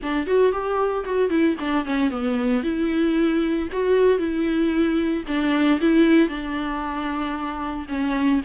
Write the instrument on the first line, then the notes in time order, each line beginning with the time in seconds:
viola
0.02 D4
0.26 F#4
0.51 G4
1.05 F#4
1.29 E4
1.59 D4
1.85 C#4
2.10 B3
2.63 E4
3.72 F#4
4.18 E4
5.27 D4
5.80 E4
6.28 D4
7.88 C#4